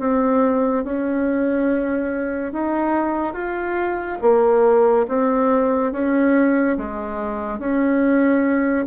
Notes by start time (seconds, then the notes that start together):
0.00 C4
0.85 C#4
2.53 D#4
3.34 F4
4.22 A#3
5.09 C4
5.93 C#4
6.78 G#3
7.59 C#4